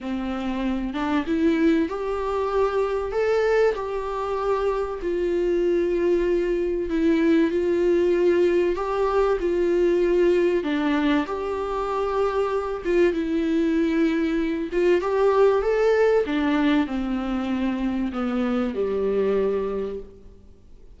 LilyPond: \new Staff \with { instrumentName = "viola" } { \time 4/4 \tempo 4 = 96 c'4. d'8 e'4 g'4~ | g'4 a'4 g'2 | f'2. e'4 | f'2 g'4 f'4~ |
f'4 d'4 g'2~ | g'8 f'8 e'2~ e'8 f'8 | g'4 a'4 d'4 c'4~ | c'4 b4 g2 | }